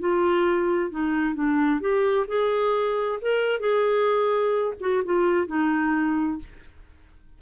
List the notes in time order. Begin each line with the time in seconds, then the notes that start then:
0.00 F4
0.91 D#4
1.35 D4
1.80 G4
2.27 G#4
3.22 A#4
3.60 G#4
4.80 F#4
5.05 F4
5.47 D#4